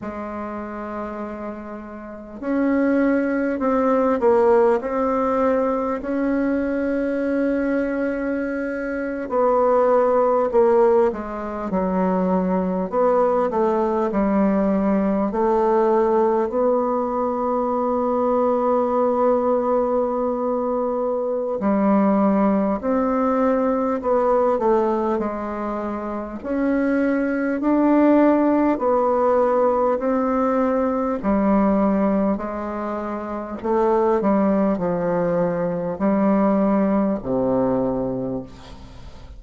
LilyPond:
\new Staff \with { instrumentName = "bassoon" } { \time 4/4 \tempo 4 = 50 gis2 cis'4 c'8 ais8 | c'4 cis'2~ cis'8. b16~ | b8. ais8 gis8 fis4 b8 a8 g16~ | g8. a4 b2~ b16~ |
b2 g4 c'4 | b8 a8 gis4 cis'4 d'4 | b4 c'4 g4 gis4 | a8 g8 f4 g4 c4 | }